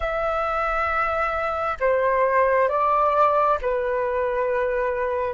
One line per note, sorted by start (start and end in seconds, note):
0.00 1.77 E5
1.80 2.68 C5
2.68 3.58 D5
3.61 5.34 B4